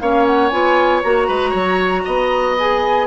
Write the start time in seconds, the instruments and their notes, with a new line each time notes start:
0.00 bassoon A#3, clarinet C#4, oboe C#5, flute F5
0.26 flute F#5
0.49 bassoon B3, clarinet F4, flute G#5
1.03 bassoon A#3, clarinet F#4, flute A#5
1.27 bassoon G#3, oboe B4
1.50 bassoon F#3, oboe C#5
2.05 bassoon B3, oboe D#5
2.58 clarinet G#4, flute G#5